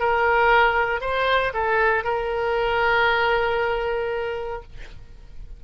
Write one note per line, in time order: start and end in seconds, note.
0.00 1.02 A#4
1.02 1.53 C5
1.54 2.05 A4
2.05 4.63 A#4